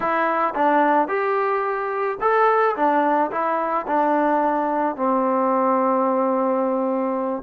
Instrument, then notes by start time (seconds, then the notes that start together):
trombone
0.00 E4
0.55 D4
1.08 G4
2.20 A4
2.75 D4
3.31 E4
3.87 D4
4.95 C4